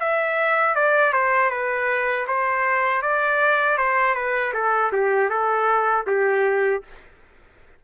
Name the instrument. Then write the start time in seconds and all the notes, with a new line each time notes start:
trumpet
0.00 E5
0.75 D5
1.13 C5
1.51 B4
2.28 C5
3.02 D5
3.78 C5
4.15 B4
4.54 A4
4.92 G4
5.30 A4
6.07 G4